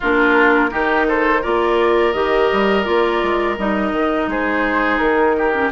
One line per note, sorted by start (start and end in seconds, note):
0.00 0.72 A#3
0.00 0.70 D4
0.00 0.70 F4
0.00 1.08 A#4
0.70 1.43 D#3
0.70 1.41 D#4
0.70 1.06 G4
1.08 1.41 A4
1.08 1.43 C5
1.41 2.14 A#3
1.41 2.13 F4
1.41 4.27 A#4
1.41 2.12 D5
2.12 2.49 D#3
2.12 2.84 G4
2.12 2.84 D#5
2.52 2.87 G3
2.84 3.22 A#3
2.84 3.55 F4
2.84 3.55 D5
3.22 3.58 G#3
3.58 3.91 G3
3.58 5.53 D#4
3.58 4.29 D#5
3.91 4.27 D#3
4.27 4.98 G#3
4.27 5.36 G#4
4.27 4.98 C5
4.98 5.71 D#3
4.98 5.69 A#4
5.37 5.71 G4
5.53 5.71 C#4